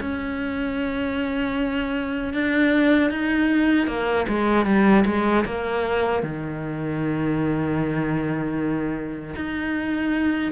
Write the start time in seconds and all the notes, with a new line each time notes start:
0.00 C#4
2.33 D4
3.10 D#4
3.87 A#3
4.28 G#3
4.65 G3
5.05 G#3
5.45 A#3
6.22 D#3
9.35 D#4